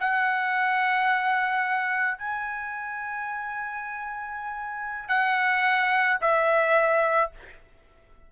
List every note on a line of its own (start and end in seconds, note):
0.00 2.18 F#5
2.18 5.08 G#5
5.08 6.18 F#5
6.21 7.31 E5